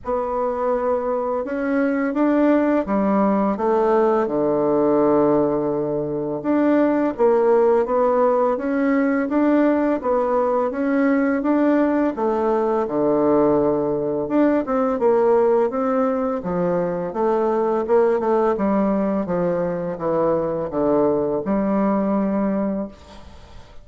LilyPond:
\new Staff \with { instrumentName = "bassoon" } { \time 4/4 \tempo 4 = 84 b2 cis'4 d'4 | g4 a4 d2~ | d4 d'4 ais4 b4 | cis'4 d'4 b4 cis'4 |
d'4 a4 d2 | d'8 c'8 ais4 c'4 f4 | a4 ais8 a8 g4 f4 | e4 d4 g2 | }